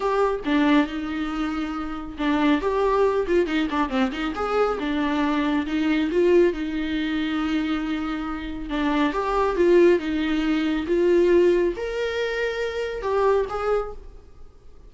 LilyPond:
\new Staff \with { instrumentName = "viola" } { \time 4/4 \tempo 4 = 138 g'4 d'4 dis'2~ | dis'4 d'4 g'4. f'8 | dis'8 d'8 c'8 dis'8 gis'4 d'4~ | d'4 dis'4 f'4 dis'4~ |
dis'1 | d'4 g'4 f'4 dis'4~ | dis'4 f'2 ais'4~ | ais'2 g'4 gis'4 | }